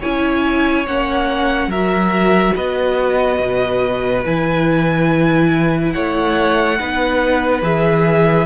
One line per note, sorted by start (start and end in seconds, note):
0.00 0.87 C#4
0.00 0.87 E4
0.00 1.69 C#5
0.00 0.86 G#5
0.87 1.67 A#3
0.87 1.72 C#4
0.87 1.71 F#5
1.67 2.52 F#3
1.67 2.54 A#4
1.67 2.56 E5
1.74 4.24 F#4
2.56 3.39 B3
2.56 5.94 B4
2.56 4.25 D#5
3.39 4.24 B2
4.24 5.95 E3
4.24 6.78 E4
4.24 5.92 G#5
5.92 6.80 A3
5.92 6.79 C#5
5.92 7.61 F#5
6.79 7.62 B3
6.79 7.62 D#4
6.79 8.46 B4
7.62 8.46 E3
7.62 8.46 G#4
7.62 8.46 E5